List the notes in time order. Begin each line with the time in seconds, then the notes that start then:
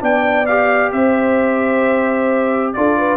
0.00 B3 D4 D5 G5
0.47 G4 F5
0.93 C4 C5 E5
2.73 D4 F4 A4 D5
2.98 B4